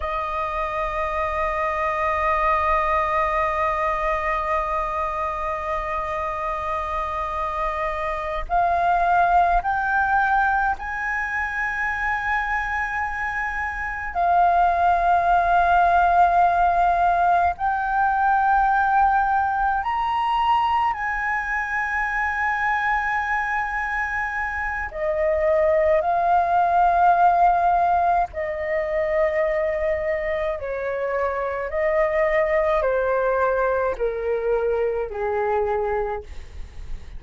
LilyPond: \new Staff \with { instrumentName = "flute" } { \time 4/4 \tempo 4 = 53 dis''1~ | dis''2.~ dis''8 f''8~ | f''8 g''4 gis''2~ gis''8~ | gis''8 f''2. g''8~ |
g''4. ais''4 gis''4.~ | gis''2 dis''4 f''4~ | f''4 dis''2 cis''4 | dis''4 c''4 ais'4 gis'4 | }